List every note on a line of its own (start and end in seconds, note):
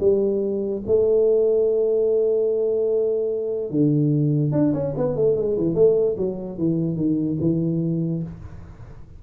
0.00 0.82 G3
0.87 3.70 A3
3.70 4.52 D3
4.52 4.73 D4
4.74 4.94 C#4
4.97 5.16 B3
5.16 5.36 A3
5.36 5.57 G#3
5.58 5.75 E3
5.75 6.16 A3
6.18 6.58 F#3
6.58 6.96 E3
6.96 7.37 D#3
7.40 8.23 E3